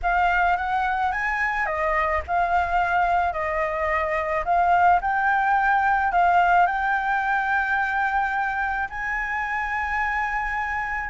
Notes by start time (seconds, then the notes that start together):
0.02 F5
0.56 F#5
1.12 G#5
1.66 D#5
2.27 F5
3.32 D#5
4.44 F5
5.01 G5
6.12 F5
6.66 G5
8.89 G#5